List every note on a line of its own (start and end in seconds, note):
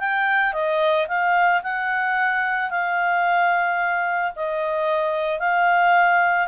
0.00 0.54 G5
0.54 1.08 D#5
1.08 1.62 F5
1.64 2.71 F#5
2.71 4.33 F5
4.36 5.40 D#5
5.40 6.48 F5